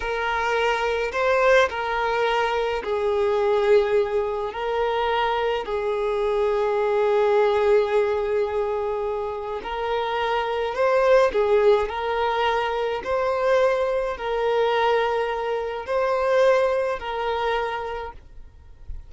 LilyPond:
\new Staff \with { instrumentName = "violin" } { \time 4/4 \tempo 4 = 106 ais'2 c''4 ais'4~ | ais'4 gis'2. | ais'2 gis'2~ | gis'1~ |
gis'4 ais'2 c''4 | gis'4 ais'2 c''4~ | c''4 ais'2. | c''2 ais'2 | }